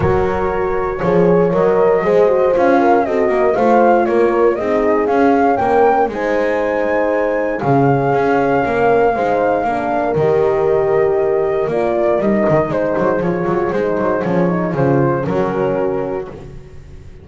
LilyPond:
<<
  \new Staff \with { instrumentName = "flute" } { \time 4/4 \tempo 4 = 118 cis''2. dis''4~ | dis''4 f''4 dis''4 f''4 | cis''4 dis''4 f''4 g''4 | gis''2. f''4~ |
f''1 | dis''2. d''4 | dis''4 c''4 cis''4 c''4 | cis''4 c''4 ais'2 | }
  \new Staff \with { instrumentName = "horn" } { \time 4/4 ais'2 cis''2 | c''4. ais'8 a'8 ais'8 c''4 | ais'4 gis'2 ais'4 | c''2. gis'4~ |
gis'4 ais'4 c''4 ais'4~ | ais'1~ | ais'4 gis'2.~ | gis'2 fis'2 | }
  \new Staff \with { instrumentName = "horn" } { \time 4/4 fis'2 gis'4 ais'4 | gis'8 fis'8 f'4 fis'4 f'4~ | f'4 dis'4 cis'2 | dis'2. cis'4~ |
cis'2 dis'4 d'4 | g'2. f'4 | dis'2 f'4 dis'4 | cis'8 dis'8 f'4 cis'2 | }
  \new Staff \with { instrumentName = "double bass" } { \time 4/4 fis2 f4 fis4 | gis4 cis'4 c'8 ais8 a4 | ais4 c'4 cis'4 ais4 | gis2. cis4 |
cis'4 ais4 gis4 ais4 | dis2. ais4 | g8 dis8 gis8 fis8 f8 fis8 gis8 fis8 | f4 cis4 fis2 | }
>>